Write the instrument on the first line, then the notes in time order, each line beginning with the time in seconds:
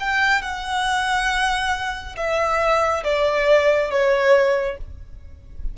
violin
0.00 G5
0.42 F#5
2.17 E5
3.04 D5
3.91 C#5